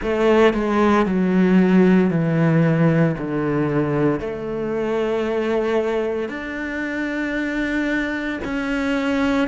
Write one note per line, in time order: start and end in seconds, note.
0.02 0.53 A3
0.53 1.05 G#3
1.05 2.10 F#3
2.10 3.15 E3
3.18 4.20 D3
4.20 6.28 A3
6.28 8.39 D4
8.44 9.47 C#4